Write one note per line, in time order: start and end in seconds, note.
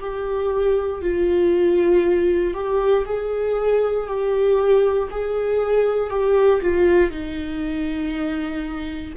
0.00 1.02 G4
1.02 2.54 F4
2.54 3.05 G4
3.06 4.07 G#4
4.07 5.08 G4
5.11 6.10 G#4
6.10 6.61 G4
6.61 7.11 F4
7.11 9.14 D#4